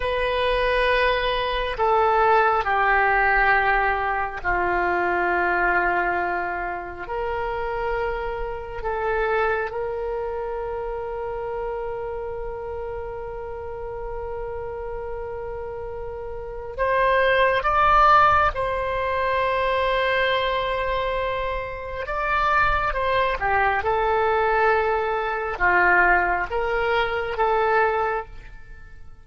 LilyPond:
\new Staff \with { instrumentName = "oboe" } { \time 4/4 \tempo 4 = 68 b'2 a'4 g'4~ | g'4 f'2. | ais'2 a'4 ais'4~ | ais'1~ |
ais'2. c''4 | d''4 c''2.~ | c''4 d''4 c''8 g'8 a'4~ | a'4 f'4 ais'4 a'4 | }